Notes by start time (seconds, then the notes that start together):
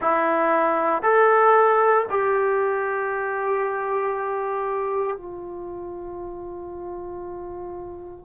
0.01 E4
1.02 A4
2.09 G4
5.17 F4